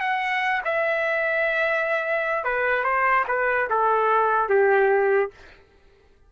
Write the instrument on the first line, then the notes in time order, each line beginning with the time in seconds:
trumpet
0.00 F#5
0.64 E5
2.44 B4
2.83 C5
3.27 B4
3.69 A4
4.48 G4